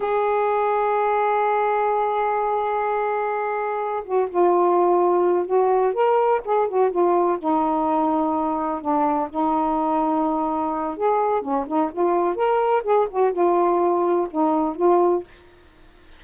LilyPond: \new Staff \with { instrumentName = "saxophone" } { \time 4/4 \tempo 4 = 126 gis'1~ | gis'1~ | gis'8 fis'8 f'2~ f'8 fis'8~ | fis'8 ais'4 gis'8 fis'8 f'4 dis'8~ |
dis'2~ dis'8 d'4 dis'8~ | dis'2. gis'4 | cis'8 dis'8 f'4 ais'4 gis'8 fis'8 | f'2 dis'4 f'4 | }